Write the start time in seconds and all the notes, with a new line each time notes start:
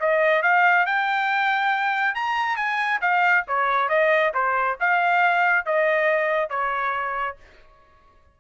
0.00 D#5
0.43 F5
0.86 G5
2.15 A#5
2.57 G#5
3.02 F5
3.48 C#5
3.89 D#5
4.34 C5
4.80 F5
5.66 D#5
6.50 C#5